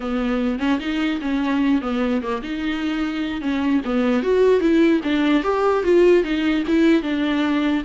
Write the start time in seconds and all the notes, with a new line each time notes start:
0.00 B3
0.59 C#4
0.79 D#4
1.21 C#4
1.81 B3
2.22 A#3
2.42 D#4
3.41 C#4
3.84 B3
4.22 F#4
4.60 E4
5.03 D4
5.43 G4
5.83 F4
6.23 D#4
6.67 E4
7.02 D4